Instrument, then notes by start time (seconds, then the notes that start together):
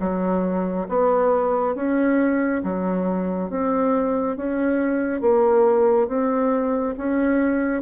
bassoon
0.00 F#3
0.88 B3
1.74 C#4
2.63 F#3
3.49 C4
4.36 C#4
5.21 A#3
6.08 C4
6.97 C#4